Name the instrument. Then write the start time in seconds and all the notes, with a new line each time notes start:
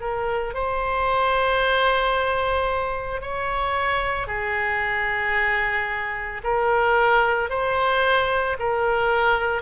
oboe
0.00 A#4
0.54 C5
3.21 C#5
4.27 G#4
6.43 A#4
7.50 C5
8.59 A#4